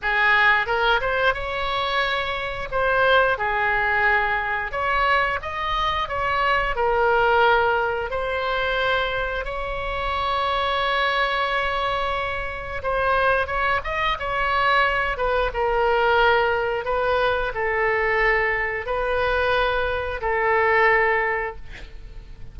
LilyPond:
\new Staff \with { instrumentName = "oboe" } { \time 4/4 \tempo 4 = 89 gis'4 ais'8 c''8 cis''2 | c''4 gis'2 cis''4 | dis''4 cis''4 ais'2 | c''2 cis''2~ |
cis''2. c''4 | cis''8 dis''8 cis''4. b'8 ais'4~ | ais'4 b'4 a'2 | b'2 a'2 | }